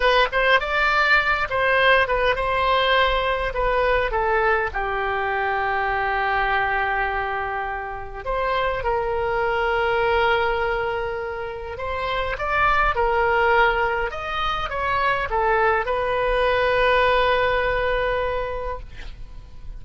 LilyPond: \new Staff \with { instrumentName = "oboe" } { \time 4/4 \tempo 4 = 102 b'8 c''8 d''4. c''4 b'8 | c''2 b'4 a'4 | g'1~ | g'2 c''4 ais'4~ |
ais'1 | c''4 d''4 ais'2 | dis''4 cis''4 a'4 b'4~ | b'1 | }